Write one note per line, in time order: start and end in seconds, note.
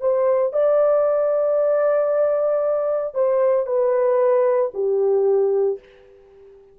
0.00 0.52 C5
0.52 3.14 D5
3.14 3.66 C5
3.66 4.71 B4
4.74 5.79 G4